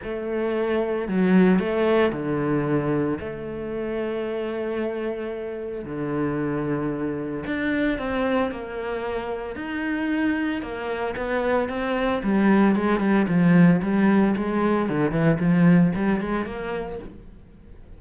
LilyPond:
\new Staff \with { instrumentName = "cello" } { \time 4/4 \tempo 4 = 113 a2 fis4 a4 | d2 a2~ | a2. d4~ | d2 d'4 c'4 |
ais2 dis'2 | ais4 b4 c'4 g4 | gis8 g8 f4 g4 gis4 | d8 e8 f4 g8 gis8 ais4 | }